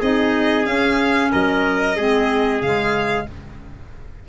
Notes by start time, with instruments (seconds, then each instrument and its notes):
0.00 tuba C4, clarinet D#4, trumpet G#4, violin D#5
0.65 clarinet C#4, tuba C#4, violin F5
1.32 tuba F#3, trumpet A#4, violin D#5
1.97 tuba G#3, clarinet C4, trumpet G#4
2.62 tuba C#3, clarinet G#3, violin F5